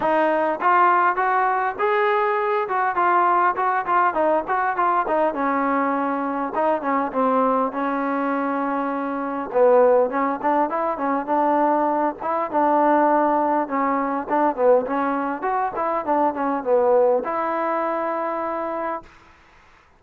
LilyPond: \new Staff \with { instrumentName = "trombone" } { \time 4/4 \tempo 4 = 101 dis'4 f'4 fis'4 gis'4~ | gis'8 fis'8 f'4 fis'8 f'8 dis'8 fis'8 | f'8 dis'8 cis'2 dis'8 cis'8 | c'4 cis'2. |
b4 cis'8 d'8 e'8 cis'8 d'4~ | d'8 e'8 d'2 cis'4 | d'8 b8 cis'4 fis'8 e'8 d'8 cis'8 | b4 e'2. | }